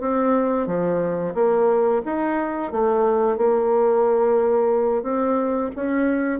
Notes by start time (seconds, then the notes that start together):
0.00 C4
0.66 F3
1.34 A#3
2.05 D#4
2.72 A3
3.37 A#3
5.03 C4
5.75 C#4